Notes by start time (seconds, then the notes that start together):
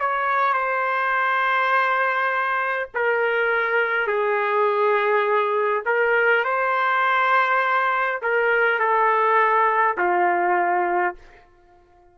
0.00 C#5
0.53 C5
2.95 A#4
4.07 G#4
5.86 A#4
6.45 C5
8.22 A#4
8.80 A4
9.98 F4